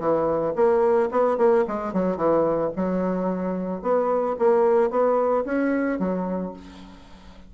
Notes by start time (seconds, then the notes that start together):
0.00 E3
0.56 A#3
1.12 B3
1.38 A#3
1.68 G#3
1.94 F#3
2.17 E3
2.76 F#3
3.82 B3
4.39 A#3
4.91 B3
5.45 C#4
6.00 F#3